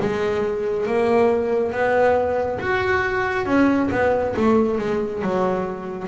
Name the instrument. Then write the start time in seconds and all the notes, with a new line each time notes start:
double bass
0.00 G#3
0.86 A#3
1.72 B3
2.59 F#4
3.45 C#4
3.91 B3
4.36 A3
4.78 G#3
5.22 F#3